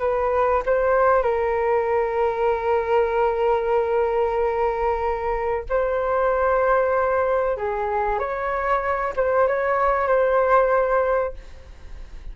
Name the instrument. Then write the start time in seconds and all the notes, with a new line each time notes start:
flute
0.00 B4
0.66 C5
1.23 A#4
5.70 C5
7.57 G#4
8.19 C#5
9.17 C5
9.48 C#5
10.08 C5